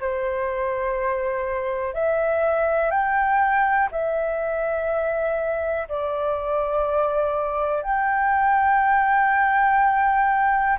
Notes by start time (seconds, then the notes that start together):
0.00 C5
1.94 E5
2.91 G5
3.92 E5
5.88 D5
7.83 G5